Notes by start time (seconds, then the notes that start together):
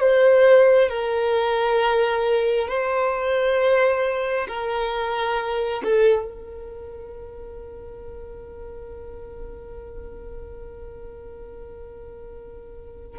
0.00 C5
0.90 A#4
2.69 C5
4.48 A#4
5.84 A4
6.26 A#4